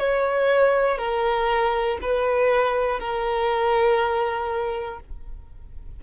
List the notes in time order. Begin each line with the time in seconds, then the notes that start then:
0.00 C#5
0.98 A#4
2.02 B4
3.00 A#4